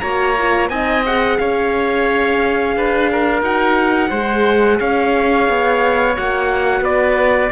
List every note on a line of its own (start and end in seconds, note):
0.00 0.70 A#3
0.00 0.37 F#4
0.00 0.70 C#5
0.00 0.68 A#5
0.38 0.71 F4
0.69 1.38 C4
0.69 1.05 D#4
0.69 1.38 D#5
0.69 1.03 G#5
1.06 3.43 G#4
1.06 1.39 F#5
1.39 2.76 C#4
1.39 2.77 C#5
1.39 3.43 F5
2.76 3.42 D4
2.76 3.11 B4
3.12 4.10 A#4
3.42 4.11 D#4
3.42 4.11 F#4
3.42 4.80 F#5
4.10 4.80 G#3
4.10 6.15 G#4
4.10 4.78 C5
4.80 5.49 C#4
4.80 6.83 C#5
4.80 6.16 F5
5.49 6.17 B3
6.15 6.81 A#3
6.15 7.51 F#4
6.15 6.85 F#5
6.81 7.49 B3
6.81 7.51 B4
6.81 7.53 D5